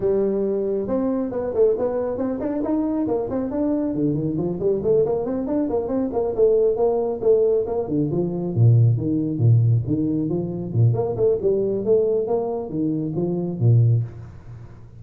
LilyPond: \new Staff \with { instrumentName = "tuba" } { \time 4/4 \tempo 4 = 137 g2 c'4 b8 a8 | b4 c'8 d'8 dis'4 ais8 c'8 | d'4 d8 dis8 f8 g8 a8 ais8 | c'8 d'8 ais8 c'8 ais8 a4 ais8~ |
ais8 a4 ais8 d8 f4 ais,8~ | ais,8 dis4 ais,4 dis4 f8~ | f8 ais,8 ais8 a8 g4 a4 | ais4 dis4 f4 ais,4 | }